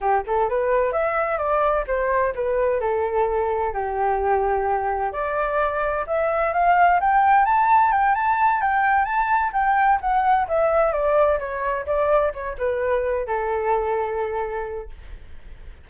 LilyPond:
\new Staff \with { instrumentName = "flute" } { \time 4/4 \tempo 4 = 129 g'8 a'8 b'4 e''4 d''4 | c''4 b'4 a'2 | g'2. d''4~ | d''4 e''4 f''4 g''4 |
a''4 g''8 a''4 g''4 a''8~ | a''8 g''4 fis''4 e''4 d''8~ | d''8 cis''4 d''4 cis''8 b'4~ | b'8 a'2.~ a'8 | }